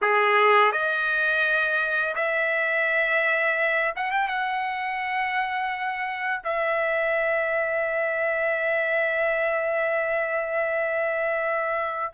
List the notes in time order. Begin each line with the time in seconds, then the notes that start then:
0.01 G#4
0.71 D#5
2.15 E5
3.95 F#5
4.11 G5
4.28 F#5
6.44 E5